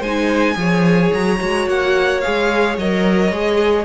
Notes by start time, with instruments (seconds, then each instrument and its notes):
0.00 cello G#3, viola D#4, violin C5 G#5
0.56 cello F3, viola G#4, violin C#5
1.13 cello F#3, violin A#5
1.40 cello G#3, viola F#4
1.68 cello A#3, violin F#5
2.21 viola G#4, violin F5
2.28 cello G#3
2.78 cello F#3, viola A#4, violin D#5
3.32 cello G#3, viola G#4